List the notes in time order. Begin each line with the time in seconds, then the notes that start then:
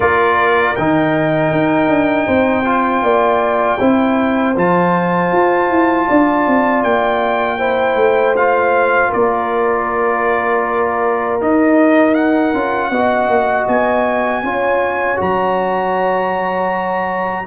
0.00 A#3 F4 A#4 D5
0.75 D#3 D#4 G5
1.52 D#4
1.88 D4
2.26 C4 C5
2.64 F4
3.02 A#3 D5
3.79 C4 E4 C5
4.56 F3 F4 A5
5.31 F4
5.70 E4
6.07 D4 D5
6.47 C4
6.83 A#3 G5
7.58 E4 C5
7.95 A3
8.36 F4 F5
9.09 A#3 A#4 D5
11.41 D#4 D#5
12.14 F#5
12.53 C#4 F4
12.90 B3 F#4 D#5
13.28 A#3
13.67 B3 G#5
14.43 C#4 F4 C#5
15.16 F#3 F#4 A#5